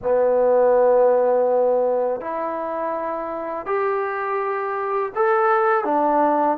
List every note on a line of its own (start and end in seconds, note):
0.02 2.21 B3
2.21 3.66 E4
3.66 5.12 G4
5.15 5.84 A4
5.84 6.57 D4